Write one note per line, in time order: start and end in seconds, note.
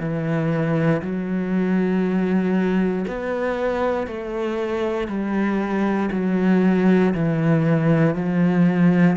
0.00 1.02 E3
1.02 3.06 F#3
3.07 4.07 B3
4.07 5.08 A3
5.08 6.10 G3
6.12 7.14 F#3
7.14 8.15 E3
8.15 9.17 F3